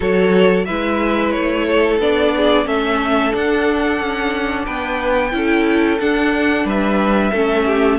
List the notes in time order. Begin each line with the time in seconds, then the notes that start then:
0.00 F#3 F#4 A4 C#5
0.65 G#3 E4 B4 E5
1.31 A3 C#5
1.67 A4
1.99 B3 D4 D5
2.36 G#4
2.64 A3 C#4 A4 E5
3.30 D4 F#5
4.00 C#4
4.65 B3 B4 G5
5.31 C#4 E4 A4
5.99 D4 F#5
6.64 G3 B4 E5
7.31 A3 C#4 A4
7.66 G4